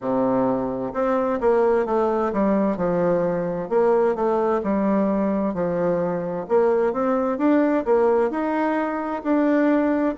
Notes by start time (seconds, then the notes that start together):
0.00 C3
0.93 C4
1.40 A#3
1.85 A3
2.32 G3
2.77 F3
3.69 A#3
4.15 A3
4.63 G3
5.53 F3
6.48 A#3
6.92 C4
7.38 D4
7.85 A#3
8.30 D#4
9.23 D4